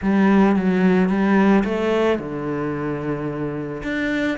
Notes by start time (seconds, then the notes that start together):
0.02 G3
0.56 F#3
1.09 G3
1.64 A3
2.18 D3
3.83 D4